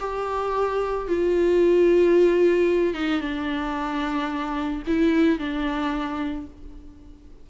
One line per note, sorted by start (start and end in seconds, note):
0.00 1.08 G4
1.08 2.94 F4
2.94 3.21 D#4
3.21 4.83 D4
4.87 5.39 E4
5.39 6.47 D4